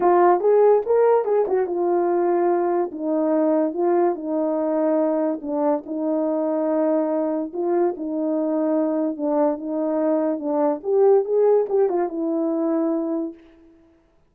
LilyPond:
\new Staff \with { instrumentName = "horn" } { \time 4/4 \tempo 4 = 144 f'4 gis'4 ais'4 gis'8 fis'8 | f'2. dis'4~ | dis'4 f'4 dis'2~ | dis'4 d'4 dis'2~ |
dis'2 f'4 dis'4~ | dis'2 d'4 dis'4~ | dis'4 d'4 g'4 gis'4 | g'8 f'8 e'2. | }